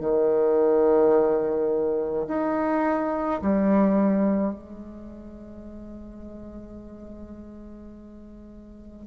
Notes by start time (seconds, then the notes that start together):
0.00 D#3
2.28 D#4
3.42 G3
4.54 G#3